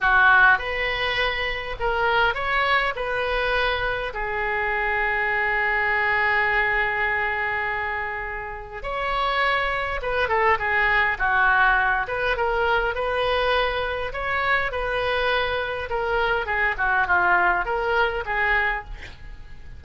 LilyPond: \new Staff \with { instrumentName = "oboe" } { \time 4/4 \tempo 4 = 102 fis'4 b'2 ais'4 | cis''4 b'2 gis'4~ | gis'1~ | gis'2. cis''4~ |
cis''4 b'8 a'8 gis'4 fis'4~ | fis'8 b'8 ais'4 b'2 | cis''4 b'2 ais'4 | gis'8 fis'8 f'4 ais'4 gis'4 | }